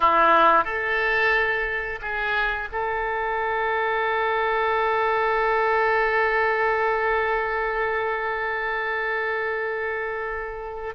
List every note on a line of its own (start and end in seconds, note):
0.00 0.64 E4
0.64 1.99 A4
2.01 2.68 G#4
2.72 10.94 A4